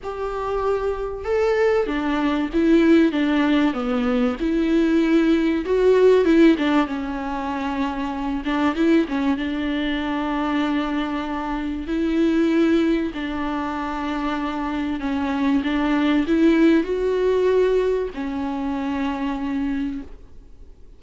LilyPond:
\new Staff \with { instrumentName = "viola" } { \time 4/4 \tempo 4 = 96 g'2 a'4 d'4 | e'4 d'4 b4 e'4~ | e'4 fis'4 e'8 d'8 cis'4~ | cis'4. d'8 e'8 cis'8 d'4~ |
d'2. e'4~ | e'4 d'2. | cis'4 d'4 e'4 fis'4~ | fis'4 cis'2. | }